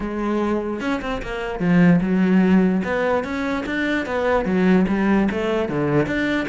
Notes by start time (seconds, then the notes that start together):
0.00 G#3
0.80 C#4
1.01 C4
1.22 A#3
1.59 F3
2.01 F#3
2.83 B3
3.24 C#4
3.66 D4
4.06 B3
4.45 F#3
4.88 G3
5.30 A3
5.69 D3
6.06 D4